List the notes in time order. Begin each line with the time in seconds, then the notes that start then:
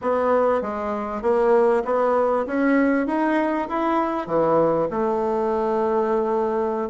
0.01 B3
0.61 G#3
1.22 A#3
1.84 B3
2.46 C#4
3.06 D#4
3.68 E4
4.27 E3
4.90 A3